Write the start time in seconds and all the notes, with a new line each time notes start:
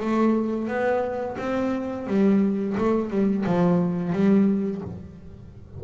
0.00 A3
0.68 B3
1.39 C4
2.07 G3
2.78 A3
3.10 G3
3.46 F3
4.13 G3